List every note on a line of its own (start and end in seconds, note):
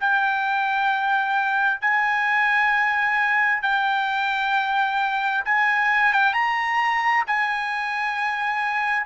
0.00 1.81 G5
1.81 3.62 G#5
3.62 5.44 G5
5.45 6.13 G#5
6.13 6.33 G5
6.33 7.24 A#5
7.27 9.06 G#5